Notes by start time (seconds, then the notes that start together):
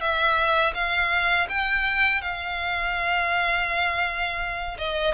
0.00 E5
0.74 F5
1.49 G5
2.21 F5
4.78 D#5